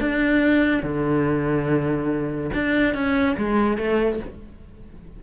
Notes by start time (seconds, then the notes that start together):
0.00 D4
0.83 D3
2.54 D4
2.94 C#4
3.37 G#3
3.77 A3